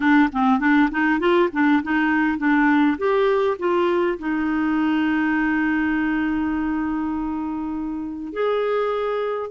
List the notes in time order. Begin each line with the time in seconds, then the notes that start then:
0.00 D4
0.32 C4
0.59 D4
0.91 D#4
1.19 F4
1.52 D4
1.83 D#4
2.38 D4
2.97 G4
3.58 F4
4.18 D#4
8.32 G#4